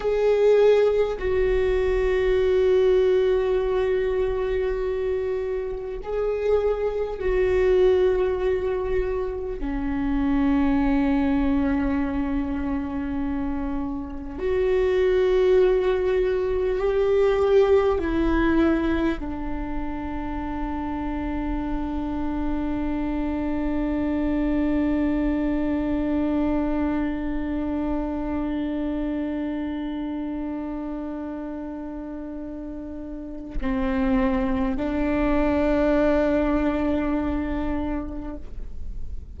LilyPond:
\new Staff \with { instrumentName = "viola" } { \time 4/4 \tempo 4 = 50 gis'4 fis'2.~ | fis'4 gis'4 fis'2 | cis'1 | fis'2 g'4 e'4 |
d'1~ | d'1~ | d'1 | c'4 d'2. | }